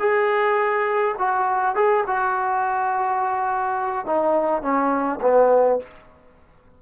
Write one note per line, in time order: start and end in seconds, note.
0.00 1.15 G#4
1.19 1.75 F#4
1.75 2.04 G#4
2.07 4.06 F#4
4.06 4.62 D#4
4.62 5.20 C#4
5.22 5.79 B3